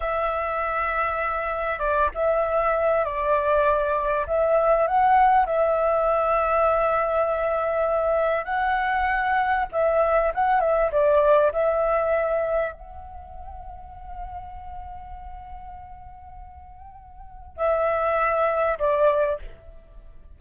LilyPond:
\new Staff \with { instrumentName = "flute" } { \time 4/4 \tempo 4 = 99 e''2. d''8 e''8~ | e''4 d''2 e''4 | fis''4 e''2.~ | e''2 fis''2 |
e''4 fis''8 e''8 d''4 e''4~ | e''4 fis''2.~ | fis''1~ | fis''4 e''2 d''4 | }